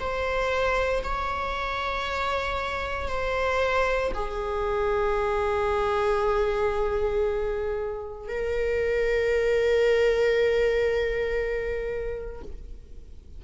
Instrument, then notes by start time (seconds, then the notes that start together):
viola
0.00 C5
1.03 C#5
3.08 C5
4.14 G#4
8.28 A#4